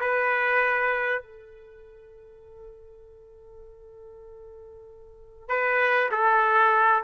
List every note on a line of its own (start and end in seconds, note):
0.00 1.22 B4
1.22 5.48 A4
5.48 6.09 B4
6.11 7.03 A4